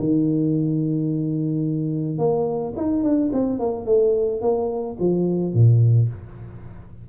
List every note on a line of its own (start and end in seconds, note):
0.00 2.19 D#3
2.19 2.74 A#3
2.77 3.04 D#4
3.04 3.32 D4
3.33 3.60 C4
3.60 3.86 A#3
3.86 4.42 A3
4.42 4.97 A#3
5.00 5.54 F3
5.54 6.10 A#2